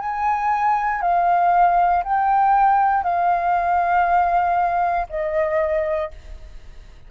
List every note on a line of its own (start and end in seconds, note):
0.00 1.02 G#5
1.02 2.04 F5
2.04 3.04 G5
3.04 5.07 F5
5.10 6.12 D#5